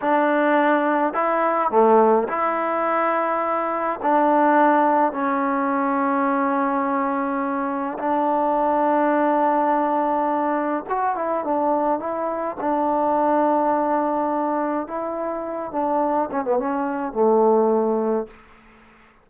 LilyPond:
\new Staff \with { instrumentName = "trombone" } { \time 4/4 \tempo 4 = 105 d'2 e'4 a4 | e'2. d'4~ | d'4 cis'2.~ | cis'2 d'2~ |
d'2. fis'8 e'8 | d'4 e'4 d'2~ | d'2 e'4. d'8~ | d'8 cis'16 b16 cis'4 a2 | }